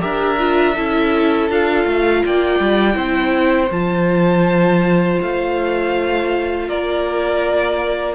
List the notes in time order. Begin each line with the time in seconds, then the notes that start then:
0.00 D4 G4 A#4 E5
0.39 F4
0.75 C#4 E4 A4
1.49 D4 F4 F5
1.85 A3
2.25 A#3 D5 G5
2.60 G3
2.94 C4 E4 C5
3.71 F3 F4 A5
5.21 A3 F5
6.68 A#3 A#4 D5